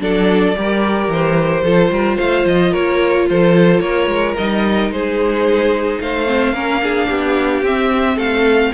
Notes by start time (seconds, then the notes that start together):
0.00 F#3 D4 A4 D5
0.56 G3 G4 A#4
1.08 E3 C5
1.62 F3 F4 A4
1.90 G3 A#4
2.16 A3 C5 F5
2.45 F3 D#5
2.71 A#3 A#4 C#5
3.29 F3 A4 C5
3.80 A#3 A#4 C#5
4.07 G#3
4.37 G3 D#4 D#5
4.90 G#3 G#4 C5
6.00 A3 C5 F5
6.26 C4
6.53 A#3 C#4 A#4
6.81 D4 G#4
7.08 B3 G4
7.62 C4 E5
8.16 A3 A4 F5